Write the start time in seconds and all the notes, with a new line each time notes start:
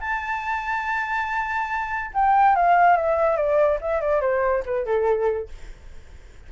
0.00 A5
2.13 G5
2.55 F5
2.97 E5
3.36 D5
3.81 E5
4.01 D5
4.21 C5
4.65 B4
4.85 A4